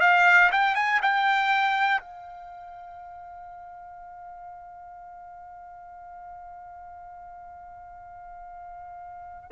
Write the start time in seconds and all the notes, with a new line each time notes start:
0.00 F5
0.51 G5
0.75 G#5
1.02 G5
2.00 F5